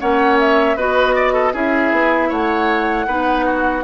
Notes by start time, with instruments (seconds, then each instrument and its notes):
0.00 bassoon A#3, clarinet C#4, oboe C#5, flute F#5
0.40 flute E5
0.77 bassoon B3, clarinet F#4, oboe B4, flute D#5
1.16 oboe D5
1.33 oboe A4
1.53 bassoon C#4, clarinet E4, oboe G#4, flute E5
1.92 bassoon B3
2.29 bassoon A3, oboe C#5, flute F#5
3.07 bassoon B3, clarinet D#4, oboe B4
3.46 oboe F#4